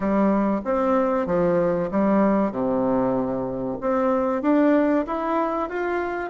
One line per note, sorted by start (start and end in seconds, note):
0.00 0.61 G3
0.64 1.26 C4
1.26 1.89 F3
1.91 2.51 G3
2.51 3.78 C3
3.80 4.42 C4
4.42 5.05 D4
5.06 5.69 E4
5.69 6.30 F4